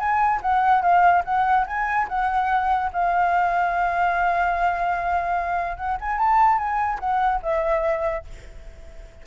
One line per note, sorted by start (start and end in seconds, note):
0.00 0.41 G#5
0.42 0.83 F#5
0.83 1.24 F5
1.25 1.66 F#5
1.67 2.08 G#5
2.09 2.91 F#5
2.93 5.77 F5
5.77 5.98 F#5
6.01 6.19 G#5
6.19 6.58 A5
6.58 7.00 G#5
7.00 7.41 F#5
7.43 8.25 E5